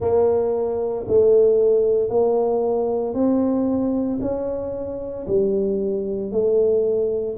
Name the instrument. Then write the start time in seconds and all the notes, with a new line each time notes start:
tuba
0.00 A#3
1.07 A3
2.09 A#3
3.13 C4
4.21 C#4
5.27 G3
6.31 A3